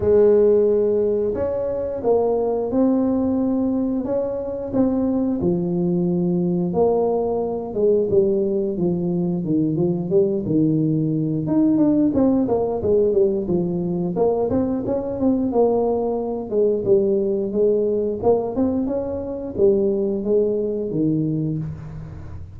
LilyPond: \new Staff \with { instrumentName = "tuba" } { \time 4/4 \tempo 4 = 89 gis2 cis'4 ais4 | c'2 cis'4 c'4 | f2 ais4. gis8 | g4 f4 dis8 f8 g8 dis8~ |
dis4 dis'8 d'8 c'8 ais8 gis8 g8 | f4 ais8 c'8 cis'8 c'8 ais4~ | ais8 gis8 g4 gis4 ais8 c'8 | cis'4 g4 gis4 dis4 | }